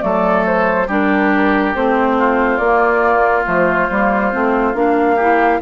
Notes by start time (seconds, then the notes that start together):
0.00 F#3 A3 A4 D5
0.46 C5
0.87 G3 D4 G4 A#4
1.75 A3 C4 C5
2.19 F4
2.57 A#3 D5
2.64 A#3
3.46 F3 A3 C5
3.90 G3 A#3
4.32 A3 C4
4.74 A#3 D4 F5
5.16 E4 G4